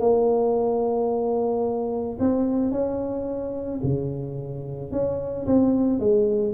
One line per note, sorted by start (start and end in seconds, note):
0.00 2.18 A#3
2.20 2.71 C4
2.71 3.81 C#4
3.83 4.92 C#3
4.92 5.46 C#4
5.47 6.00 C4
6.00 6.54 G#3